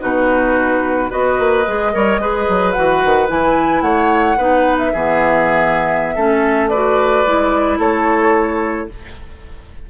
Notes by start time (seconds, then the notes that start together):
0.00 B2 D#4 F#4 B4
1.10 B3 F#4 B4 D#5
1.39 A#3
1.67 G#3 G#4
1.93 G3 A#4 C#5
2.19 G#3 G#4 B4
2.49 F#3
2.72 E3 F#4 F#5
3.04 D#3
3.27 E3 E4 G#5
3.81 A3 C#5 F#5
4.37 B3 D#4 B4
4.78 E5
4.93 E3 B3 G#4
6.15 A3 C#4 A4
6.69 F#4 B4 D5
7.25 G#3 E4
7.78 A3 A4 C#5